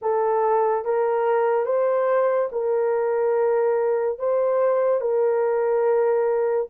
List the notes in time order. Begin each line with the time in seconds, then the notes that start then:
0.02 A4
0.84 A#4
1.65 C5
2.52 A#4
4.19 C5
5.00 A#4